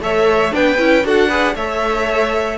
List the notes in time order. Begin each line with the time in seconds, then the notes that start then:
0.00 A3 A4 C#5 E5
0.51 B3 D4 B4 G5
0.78 C#4 E4
1.04 D4 F#4 A4 F#5
1.28 G#4 B4
1.55 A3 A4 C#5 E5